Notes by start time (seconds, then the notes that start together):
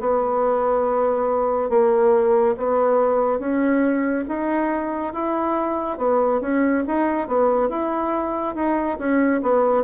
0.00 B3
1.69 A#3
2.57 B3
3.39 C#4
4.28 D#4
5.13 E4
5.98 B3
6.41 C#4
6.87 D#4
7.28 B3
7.69 E4
8.55 D#4
8.98 C#4
9.42 B3